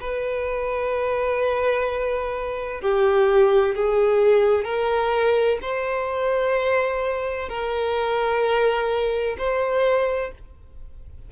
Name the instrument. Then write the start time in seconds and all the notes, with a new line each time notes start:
violin
0.00 B4
2.81 G4
3.75 G#4
4.64 A#4
5.61 C5
7.49 A#4
9.37 C5